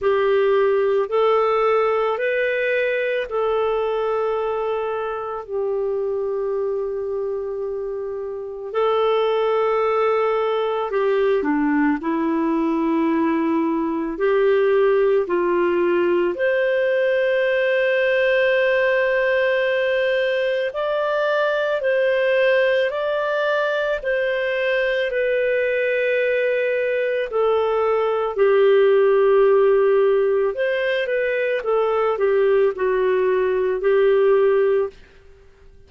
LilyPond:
\new Staff \with { instrumentName = "clarinet" } { \time 4/4 \tempo 4 = 55 g'4 a'4 b'4 a'4~ | a'4 g'2. | a'2 g'8 d'8 e'4~ | e'4 g'4 f'4 c''4~ |
c''2. d''4 | c''4 d''4 c''4 b'4~ | b'4 a'4 g'2 | c''8 b'8 a'8 g'8 fis'4 g'4 | }